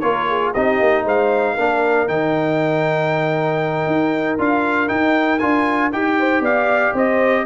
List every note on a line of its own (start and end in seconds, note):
0.00 0.54 A#3
0.00 0.54 F4
0.00 0.29 A#4
0.00 0.51 C#5
0.29 0.54 G#4
0.54 0.80 C4
0.54 1.57 D#4
0.54 1.04 G4
0.54 1.05 D#5
0.80 1.05 A#3
1.04 1.56 G#3
1.04 1.53 C5
1.04 2.08 F5
1.53 2.08 A#3
1.53 2.08 D4
1.53 6.15 A#4
2.08 3.86 D#3
2.08 4.38 D#4
2.08 4.39 G5
3.86 4.38 D#4
4.38 4.90 D4
4.38 4.87 F4
4.38 4.88 F5
4.87 5.39 D#4
4.87 5.42 D#4
4.87 5.39 G5
5.39 5.92 D4
5.39 5.91 F4
5.39 5.90 G#5
5.92 6.40 D#4
5.92 7.45 G4
5.92 6.43 G5
6.19 6.42 C5
6.40 6.91 B3
6.40 6.93 D5
6.40 6.96 F5
6.93 7.45 C4
6.93 7.44 C5
6.93 7.45 D#5